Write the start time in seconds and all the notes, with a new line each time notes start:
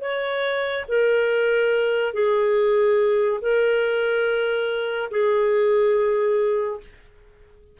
0.00 C#5
0.88 A#4
2.13 G#4
3.40 A#4
5.10 G#4